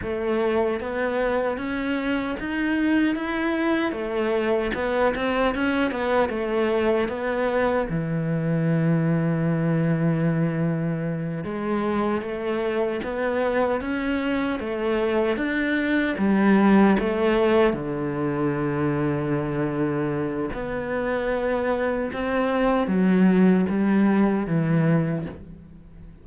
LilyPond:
\new Staff \with { instrumentName = "cello" } { \time 4/4 \tempo 4 = 76 a4 b4 cis'4 dis'4 | e'4 a4 b8 c'8 cis'8 b8 | a4 b4 e2~ | e2~ e8 gis4 a8~ |
a8 b4 cis'4 a4 d'8~ | d'8 g4 a4 d4.~ | d2 b2 | c'4 fis4 g4 e4 | }